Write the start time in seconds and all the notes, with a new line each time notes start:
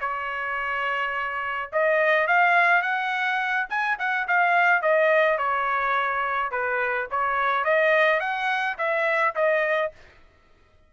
0.00 C#5
1.72 D#5
2.27 F5
2.81 F#5
3.69 G#5
3.99 F#5
4.27 F5
4.81 D#5
5.38 C#5
6.51 B4
7.10 C#5
7.64 D#5
8.20 F#5
8.78 E5
9.35 D#5